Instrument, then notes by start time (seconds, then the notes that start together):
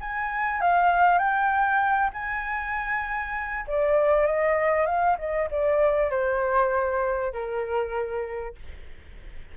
flute
0.00 G#5
0.61 F5
1.18 G5
2.13 G#5
3.67 D5
4.26 D#5
4.86 F5
5.18 D#5
5.51 D5
6.11 C5
7.33 A#4